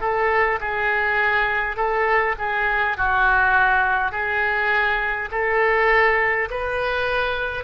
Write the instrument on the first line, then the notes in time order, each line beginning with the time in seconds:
oboe
0.00 A4
0.60 G#4
1.76 A4
2.38 G#4
2.97 F#4
4.11 G#4
5.31 A4
6.50 B4